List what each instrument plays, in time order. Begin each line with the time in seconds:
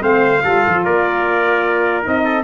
0.00 tuba A3, saxophone C4, trumpet C5 F5
0.44 tuba G3, saxophone F4, trumpet A4
0.67 tuba F3
0.84 tuba A#3, trumpet A#4 D5
2.02 tuba C4, saxophone D#4, trumpet D#5
2.24 trumpet A4